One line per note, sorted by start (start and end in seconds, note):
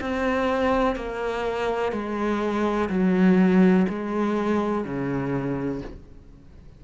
0.00 0.95 C4
0.95 1.92 A#3
1.92 2.89 G#3
2.89 3.86 F#3
3.89 4.84 G#3
4.84 5.81 C#3